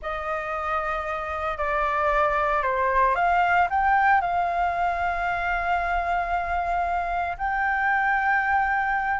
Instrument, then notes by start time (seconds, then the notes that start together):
flute
0.01 D#5
1.57 D5
2.62 C5
3.15 F5
3.70 G5
4.21 F5
7.37 G5